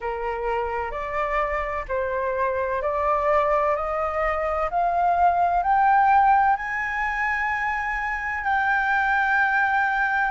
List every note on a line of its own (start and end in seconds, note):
0.00 0.91 A#4
0.91 1.85 D5
1.88 2.82 C5
2.82 3.75 D5
3.75 4.69 D#5
4.70 5.62 F5
5.62 6.56 G5
6.56 8.44 G#5
8.44 10.30 G5